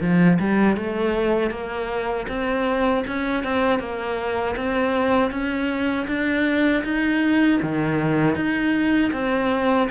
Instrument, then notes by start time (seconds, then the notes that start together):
cello
0.00 F3
0.39 G3
0.76 A3
1.50 A#3
2.28 C4
3.07 C#4
3.43 C4
3.79 A#3
4.56 C4
5.30 C#4
6.07 D4
6.83 D#4
7.62 D#3
8.35 D#4
9.12 C4